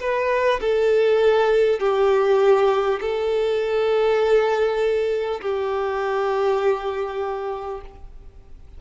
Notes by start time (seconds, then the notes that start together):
0.00 B4
0.60 A4
1.79 G4
3.01 A4
5.41 G4